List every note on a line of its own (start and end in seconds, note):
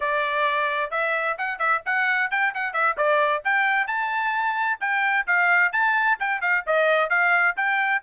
0.00 0.91 D5
0.91 1.36 E5
1.38 1.58 F#5
1.58 1.81 E5
1.85 2.30 F#5
2.30 2.53 G5
2.54 2.73 F#5
2.73 2.95 E5
2.97 3.42 D5
3.44 3.87 G5
3.87 4.79 A5
4.80 5.26 G5
5.27 5.72 F5
5.72 6.18 A5
6.19 6.41 G5
6.41 6.64 F5
6.66 7.09 D#5
7.09 7.55 F5
7.56 8.02 G5